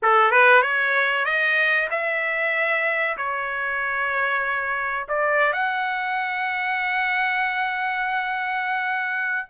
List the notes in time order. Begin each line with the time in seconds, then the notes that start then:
0.02 A4
0.31 B4
0.61 C#5
1.25 D#5
1.90 E5
3.17 C#5
5.08 D5
5.52 F#5